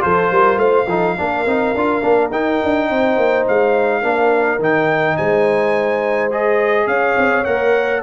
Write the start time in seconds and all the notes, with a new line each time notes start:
0.00 F3 F4 A4 C5
0.32 G3 A#4
0.57 A3 C5 F5
0.87 F3 D#4 A4
1.18 A#3 D4 A#4
1.46 C4 D#4
1.75 D4 F4
2.02 A#3 D4
2.31 D#4 G5
2.64 D4
2.90 C4 C5
3.17 A#3
3.48 G#3 F5
4.02 A#3 D4 A#4
4.60 D#3 D#4 G5
5.17 G#3 C5 G#5
6.31 G#4 D#5
6.87 C#4 C#5 F5
7.18 C4
7.45 A#3 A#4 F#5